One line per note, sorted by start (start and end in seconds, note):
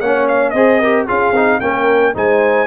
0.00 0.54 A#3
0.00 0.56 C#4
0.00 0.53 C#5
0.00 0.27 F#5
0.28 0.50 F5
0.50 1.07 C4
0.50 0.83 G#4
0.50 0.80 C5
0.50 1.04 D#5
0.80 1.08 G4
0.80 1.06 A#4
1.06 1.32 C#4
1.06 1.35 F4
1.06 1.59 G#4
1.06 1.60 F5
1.32 1.59 C4
1.32 1.62 D#4
1.60 2.16 A#3
1.60 2.15 C#4
1.60 2.15 A#4
1.60 2.14 G5
2.15 2.67 G#3
2.15 2.67 D#4
2.15 2.67 C5
2.15 2.67 G#5